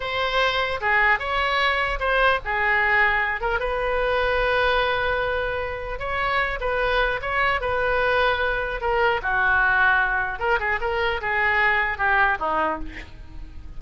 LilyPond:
\new Staff \with { instrumentName = "oboe" } { \time 4/4 \tempo 4 = 150 c''2 gis'4 cis''4~ | cis''4 c''4 gis'2~ | gis'8 ais'8 b'2.~ | b'2. cis''4~ |
cis''8 b'4. cis''4 b'4~ | b'2 ais'4 fis'4~ | fis'2 ais'8 gis'8 ais'4 | gis'2 g'4 dis'4 | }